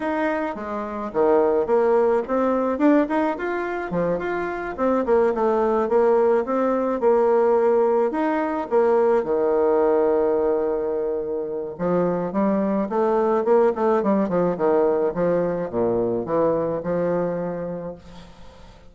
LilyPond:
\new Staff \with { instrumentName = "bassoon" } { \time 4/4 \tempo 4 = 107 dis'4 gis4 dis4 ais4 | c'4 d'8 dis'8 f'4 f8 f'8~ | f'8 c'8 ais8 a4 ais4 c'8~ | c'8 ais2 dis'4 ais8~ |
ais8 dis2.~ dis8~ | dis4 f4 g4 a4 | ais8 a8 g8 f8 dis4 f4 | ais,4 e4 f2 | }